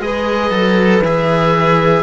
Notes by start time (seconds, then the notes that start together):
0.00 G#3 G#4 B4 D#5
0.50 F#3 A4
1.01 E3 G#4 E5